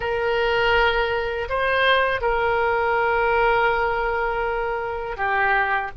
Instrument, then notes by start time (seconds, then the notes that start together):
oboe
0.00 A#4
1.48 C5
2.21 A#4
5.16 G4